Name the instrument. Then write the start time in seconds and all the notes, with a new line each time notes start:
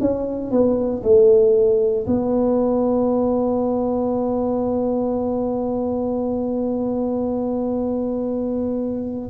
tuba
0.00 C#4
0.51 B3
1.03 A3
2.06 B3